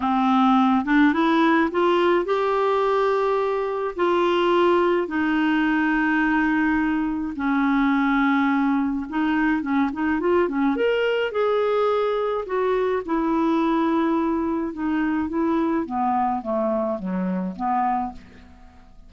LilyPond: \new Staff \with { instrumentName = "clarinet" } { \time 4/4 \tempo 4 = 106 c'4. d'8 e'4 f'4 | g'2. f'4~ | f'4 dis'2.~ | dis'4 cis'2. |
dis'4 cis'8 dis'8 f'8 cis'8 ais'4 | gis'2 fis'4 e'4~ | e'2 dis'4 e'4 | b4 a4 fis4 b4 | }